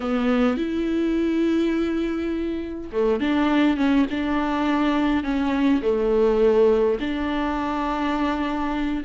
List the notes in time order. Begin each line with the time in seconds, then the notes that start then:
0.00 B3
0.57 E4
2.92 A3
3.20 D4
3.76 C#4
4.10 D4
5.23 C#4
5.82 A3
7.00 D4